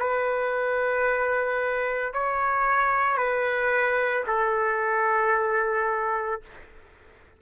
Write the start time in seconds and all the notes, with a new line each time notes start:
0.00 B4
2.13 C#5
3.17 B4
4.27 A4